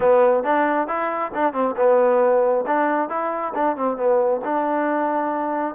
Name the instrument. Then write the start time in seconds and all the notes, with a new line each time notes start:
trombone
0.00 B3
0.43 D4
0.87 E4
1.34 D4
1.53 C4
1.76 B3
2.67 D4
3.09 E4
3.54 D4
3.76 C4
3.96 B3
4.44 D4